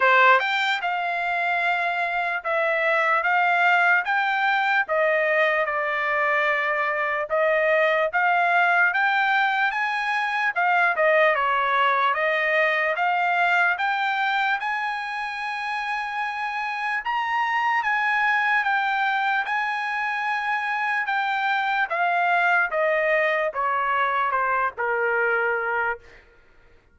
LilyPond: \new Staff \with { instrumentName = "trumpet" } { \time 4/4 \tempo 4 = 74 c''8 g''8 f''2 e''4 | f''4 g''4 dis''4 d''4~ | d''4 dis''4 f''4 g''4 | gis''4 f''8 dis''8 cis''4 dis''4 |
f''4 g''4 gis''2~ | gis''4 ais''4 gis''4 g''4 | gis''2 g''4 f''4 | dis''4 cis''4 c''8 ais'4. | }